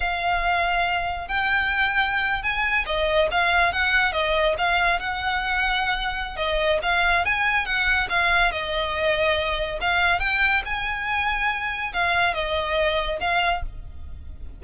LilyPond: \new Staff \with { instrumentName = "violin" } { \time 4/4 \tempo 4 = 141 f''2. g''4~ | g''4.~ g''16 gis''4 dis''4 f''16~ | f''8. fis''4 dis''4 f''4 fis''16~ | fis''2. dis''4 |
f''4 gis''4 fis''4 f''4 | dis''2. f''4 | g''4 gis''2. | f''4 dis''2 f''4 | }